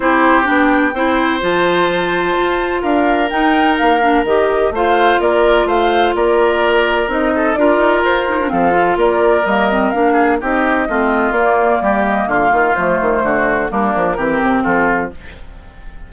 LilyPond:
<<
  \new Staff \with { instrumentName = "flute" } { \time 4/4 \tempo 4 = 127 c''4 g''2 a''4~ | a''2 f''4 g''4 | f''4 dis''4 f''4 d''4 | f''4 d''2 dis''4 |
d''4 c''4 f''4 d''4 | dis''4 f''4 dis''2 | d''4. dis''8 f''4 c''4~ | c''4 ais'2 a'4 | }
  \new Staff \with { instrumentName = "oboe" } { \time 4/4 g'2 c''2~ | c''2 ais'2~ | ais'2 c''4 ais'4 | c''4 ais'2~ ais'8 a'8 |
ais'2 a'4 ais'4~ | ais'4. gis'8 g'4 f'4~ | f'4 g'4 f'2 | fis'4 d'4 g'4 f'4 | }
  \new Staff \with { instrumentName = "clarinet" } { \time 4/4 e'4 d'4 e'4 f'4~ | f'2. dis'4~ | dis'8 d'8 g'4 f'2~ | f'2. dis'4 |
f'4. dis'16 d'16 c'8 f'4. | ais8 c'8 d'4 dis'4 c'4 | ais2. a4~ | a4 ais4 c'2 | }
  \new Staff \with { instrumentName = "bassoon" } { \time 4/4 c'4 b4 c'4 f4~ | f4 f'4 d'4 dis'4 | ais4 dis4 a4 ais4 | a4 ais2 c'4 |
d'8 dis'8 f'4 f4 ais4 | g4 ais4 c'4 a4 | ais4 g4 d8 dis8 f8 dis8 | d4 g8 f8 e8 c8 f4 | }
>>